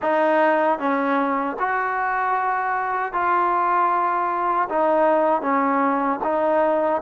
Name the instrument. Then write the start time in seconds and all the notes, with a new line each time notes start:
trombone
0.02 D#4
0.79 C#4
1.59 F#4
3.12 F4
4.69 D#4
5.42 C#4
6.23 D#4